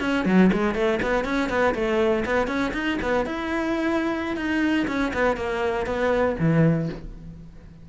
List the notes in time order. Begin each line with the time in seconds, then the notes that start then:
0.00 C#4
0.25 F#3
0.52 G#3
0.74 A3
1.02 B3
1.24 C#4
1.49 B3
1.75 A3
2.25 B3
2.47 C#4
2.73 D#4
3.01 B3
3.25 E4
4.36 D#4
4.87 C#4
5.13 B3
5.36 A#3
5.86 B3
6.38 E3